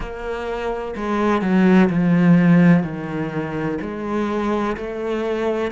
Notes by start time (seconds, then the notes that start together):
0.00 A#3
0.96 G#3
1.41 F#3
1.89 F3
2.83 D#3
3.81 G#3
4.77 A3